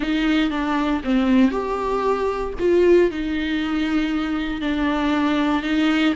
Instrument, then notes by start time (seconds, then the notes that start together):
viola
0.00 D#4
0.50 D4
1.04 C4
1.51 G4
2.59 F4
3.10 D#4
4.61 D4
5.62 D#4